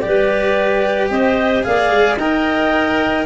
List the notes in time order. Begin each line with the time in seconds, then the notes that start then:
0.00 G3 G4 D5
0.07 B4
1.10 C4 C5 D#5
1.63 A#3 G#4 D5 F5
1.90 G#3
2.17 D#4 A#4 D#5 G5